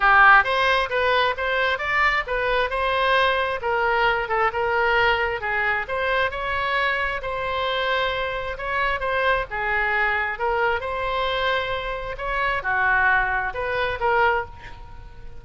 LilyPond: \new Staff \with { instrumentName = "oboe" } { \time 4/4 \tempo 4 = 133 g'4 c''4 b'4 c''4 | d''4 b'4 c''2 | ais'4. a'8 ais'2 | gis'4 c''4 cis''2 |
c''2. cis''4 | c''4 gis'2 ais'4 | c''2. cis''4 | fis'2 b'4 ais'4 | }